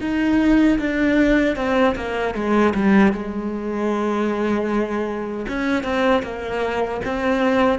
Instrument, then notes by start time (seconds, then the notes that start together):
cello
0.00 D#4
0.78 D4
1.56 C4
1.96 A#3
2.34 G#3
2.74 G3
3.12 G#3
5.48 C#4
5.83 C4
6.22 A#3
7.04 C4